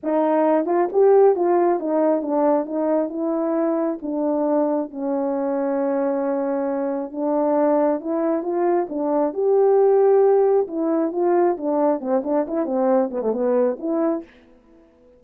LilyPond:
\new Staff \with { instrumentName = "horn" } { \time 4/4 \tempo 4 = 135 dis'4. f'8 g'4 f'4 | dis'4 d'4 dis'4 e'4~ | e'4 d'2 cis'4~ | cis'1 |
d'2 e'4 f'4 | d'4 g'2. | e'4 f'4 d'4 c'8 d'8 | e'8 c'4 b16 a16 b4 e'4 | }